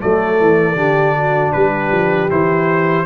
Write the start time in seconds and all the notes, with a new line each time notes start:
0.00 F#3 A3 A4 D5
0.41 E3
0.76 D3 D4 G4
1.16 F#4
1.53 G3 G4 B4
1.92 F3
2.30 E3 E4 C5